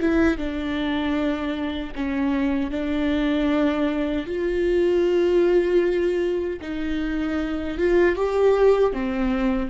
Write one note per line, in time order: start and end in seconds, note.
0.00 0.38 E4
0.38 1.93 D4
1.95 2.70 C#4
2.70 4.26 D4
4.26 6.60 F4
6.61 7.78 D#4
7.78 8.15 F4
8.15 8.93 G4
8.93 9.70 C4